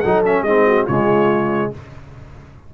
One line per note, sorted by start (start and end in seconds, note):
0.00 0.42 F#3
0.00 0.25 D#4
0.00 0.44 A4
0.00 0.21 F#5
0.25 0.46 C#4
0.25 0.43 E5
0.42 0.85 G#3
0.42 0.88 C4
0.42 0.66 D#4
0.42 0.85 D#5
0.66 0.86 F#4
0.86 1.73 C#3
0.86 1.73 G#3
0.86 1.71 F4
0.86 1.72 C#5